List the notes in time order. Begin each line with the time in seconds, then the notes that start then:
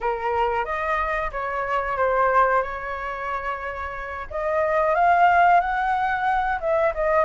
0.00 A#4
0.64 D#5
1.31 C#5
1.97 C5
2.62 C#5
4.30 D#5
4.95 F5
5.60 F#5
6.60 E5
6.94 D#5